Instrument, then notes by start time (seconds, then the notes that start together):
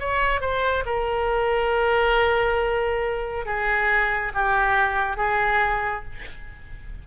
oboe
0.00 C#5
0.41 C5
0.86 A#4
3.46 G#4
4.35 G4
5.17 G#4